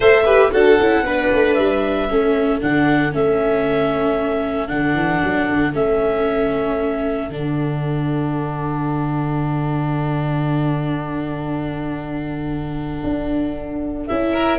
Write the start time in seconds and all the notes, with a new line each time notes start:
0.00 A3 A4 C5 E5
0.24 G4 B4
0.51 D4 F#4 A4 F#5
0.80 C#4 E4
1.02 B3 D4 B4
1.32 A3
1.54 G3 E5
2.08 A3 C#4 A4
2.60 D3 D4 F#5
3.12 A3 C#4 E5
4.68 D3 D4 F#5
4.94 E3
5.23 F#3
5.49 D3
5.73 A3 C#4 E5
7.29 D3 D4 F#5
13.03 D4
14.07 C#4 E4 E5
14.33 A#4